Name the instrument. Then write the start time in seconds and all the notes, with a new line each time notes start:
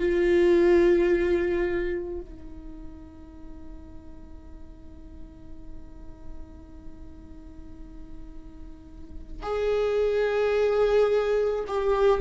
viola
0.00 F4
2.22 D#4
9.43 G#4
11.68 G4